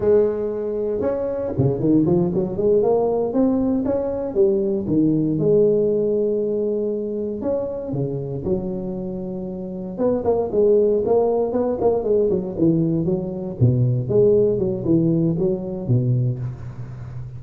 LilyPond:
\new Staff \with { instrumentName = "tuba" } { \time 4/4 \tempo 4 = 117 gis2 cis'4 cis8 dis8 | f8 fis8 gis8 ais4 c'4 cis'8~ | cis'8 g4 dis4 gis4.~ | gis2~ gis8 cis'4 cis8~ |
cis8 fis2. b8 | ais8 gis4 ais4 b8 ais8 gis8 | fis8 e4 fis4 b,4 gis8~ | gis8 fis8 e4 fis4 b,4 | }